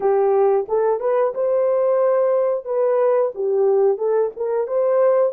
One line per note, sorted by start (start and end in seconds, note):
0.00 0.66 G4
0.68 1.00 A4
1.00 1.33 B4
1.34 2.65 C5
2.65 3.31 B4
3.35 3.97 G4
3.97 4.31 A4
4.36 4.67 A#4
4.67 5.32 C5